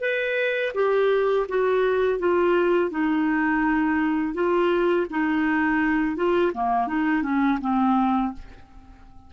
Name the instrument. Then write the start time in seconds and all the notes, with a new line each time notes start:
clarinet
0.00 B4
0.74 G4
1.48 F#4
2.19 F4
2.90 D#4
4.34 F4
5.10 D#4
6.16 F4
6.54 A#3
6.87 D#4
7.22 C#4
7.60 C4